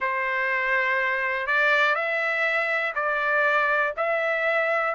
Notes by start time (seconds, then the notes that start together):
0.00 C5
1.47 D5
1.95 E5
2.95 D5
3.96 E5